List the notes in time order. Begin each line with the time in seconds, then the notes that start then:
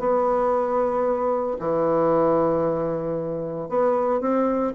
0.00 B3
1.60 E3
3.69 B3
4.21 C4